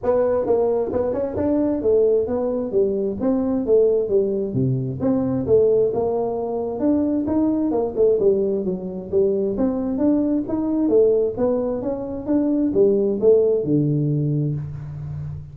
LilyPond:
\new Staff \with { instrumentName = "tuba" } { \time 4/4 \tempo 4 = 132 b4 ais4 b8 cis'8 d'4 | a4 b4 g4 c'4 | a4 g4 c4 c'4 | a4 ais2 d'4 |
dis'4 ais8 a8 g4 fis4 | g4 c'4 d'4 dis'4 | a4 b4 cis'4 d'4 | g4 a4 d2 | }